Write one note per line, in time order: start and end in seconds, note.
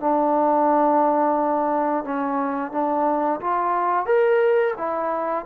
0.00 2.05 D4
2.05 2.72 C#4
2.72 3.40 D4
3.41 4.06 F4
4.06 4.74 A#4
4.78 5.45 E4